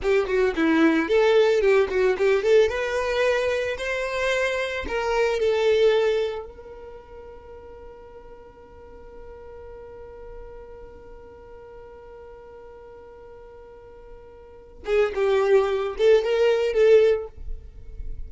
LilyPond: \new Staff \with { instrumentName = "violin" } { \time 4/4 \tempo 4 = 111 g'8 fis'8 e'4 a'4 g'8 fis'8 | g'8 a'8 b'2 c''4~ | c''4 ais'4 a'2 | ais'1~ |
ais'1~ | ais'1~ | ais'2.~ ais'8 gis'8 | g'4. a'8 ais'4 a'4 | }